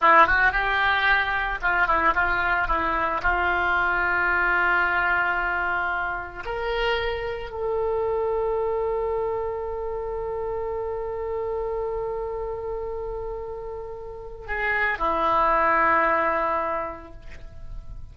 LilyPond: \new Staff \with { instrumentName = "oboe" } { \time 4/4 \tempo 4 = 112 e'8 fis'8 g'2 f'8 e'8 | f'4 e'4 f'2~ | f'1 | ais'2 a'2~ |
a'1~ | a'1~ | a'2. gis'4 | e'1 | }